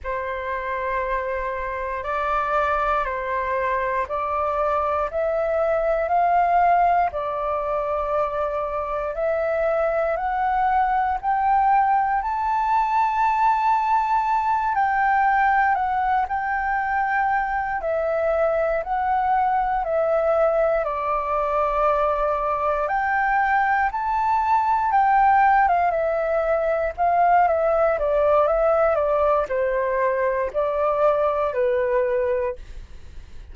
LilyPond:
\new Staff \with { instrumentName = "flute" } { \time 4/4 \tempo 4 = 59 c''2 d''4 c''4 | d''4 e''4 f''4 d''4~ | d''4 e''4 fis''4 g''4 | a''2~ a''8 g''4 fis''8 |
g''4. e''4 fis''4 e''8~ | e''8 d''2 g''4 a''8~ | a''8 g''8. f''16 e''4 f''8 e''8 d''8 | e''8 d''8 c''4 d''4 b'4 | }